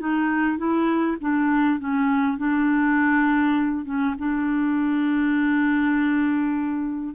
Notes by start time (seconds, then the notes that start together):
0.00 D#4
0.58 E4
1.21 D4
1.80 C#4
2.38 D4
3.85 C#4
4.19 D4